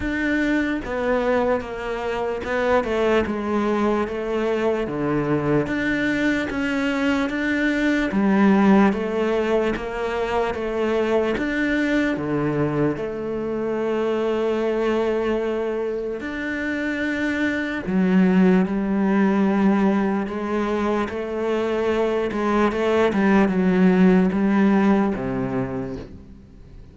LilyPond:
\new Staff \with { instrumentName = "cello" } { \time 4/4 \tempo 4 = 74 d'4 b4 ais4 b8 a8 | gis4 a4 d4 d'4 | cis'4 d'4 g4 a4 | ais4 a4 d'4 d4 |
a1 | d'2 fis4 g4~ | g4 gis4 a4. gis8 | a8 g8 fis4 g4 c4 | }